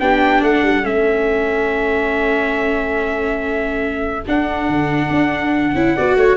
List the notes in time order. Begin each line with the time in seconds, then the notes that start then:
0.00 B3 D4 G4 G5
0.42 A3 A4 F#5
0.63 G3
0.83 A3 C#4 E5
4.27 D4 F#5
4.69 D3
5.10 D4
5.75 C#4 E4
5.96 B3 F#4 D5
6.16 A3 C#5